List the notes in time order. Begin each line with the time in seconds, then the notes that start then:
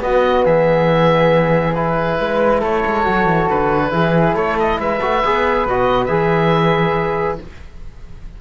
0.00 B3 F#4 D#5
0.45 E3 G#4 E5
1.74 E4 B4
2.19 G#3 B4
2.60 A3 A4 C#5
2.86 G#3
3.04 F#3 F#4
3.26 E3
3.49 D3 B4
3.90 E3 E4 G#4
4.34 A3 A4 C#5
4.59 D#5
4.78 G#3 B4 E5
5.01 A3 F#4
5.25 B3 G#4
5.66 B2 F#4 D#5
6.05 E3 G#4 E5